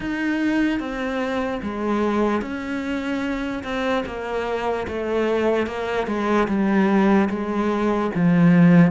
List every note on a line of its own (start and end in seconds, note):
0.00 0.79 D#4
0.79 1.60 C4
1.62 2.41 G#3
2.41 3.63 C#4
3.63 4.04 C4
4.05 4.86 A#3
4.87 5.66 A3
5.66 6.07 A#3
6.07 6.47 G#3
6.48 7.29 G3
7.29 8.10 G#3
8.14 8.91 F3